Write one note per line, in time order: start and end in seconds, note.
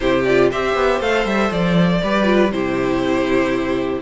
0.00 0.51 C3
0.00 0.25 E4
0.00 0.50 G4
0.00 0.24 C5
0.24 0.53 F4
0.24 0.49 D5
0.50 0.75 C4
0.50 1.01 G4
0.50 2.01 C5
0.50 1.01 E5
0.75 1.00 B3
1.00 1.25 A3
1.00 2.02 A4
1.00 1.26 F5
1.25 1.50 G3
1.25 1.51 E5
1.50 2.01 F3
1.50 2.51 D5
2.03 2.51 G3
2.03 2.24 G4
2.03 2.53 B4
2.24 2.49 F4
2.51 4.02 C3
2.51 4.02 E4
2.51 4.02 G4
2.51 4.02 C5